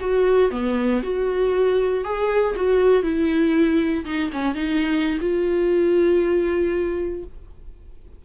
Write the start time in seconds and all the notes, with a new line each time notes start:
0.00 F#4
0.51 B3
1.03 F#4
2.04 G#4
2.56 F#4
3.03 E4
4.05 D#4
4.32 C#4
4.55 D#4
5.21 F4